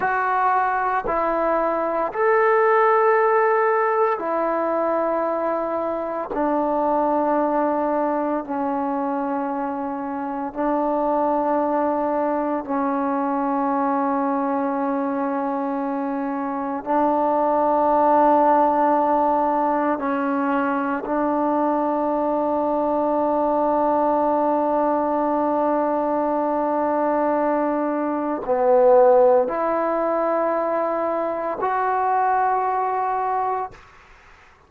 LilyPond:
\new Staff \with { instrumentName = "trombone" } { \time 4/4 \tempo 4 = 57 fis'4 e'4 a'2 | e'2 d'2 | cis'2 d'2 | cis'1 |
d'2. cis'4 | d'1~ | d'2. b4 | e'2 fis'2 | }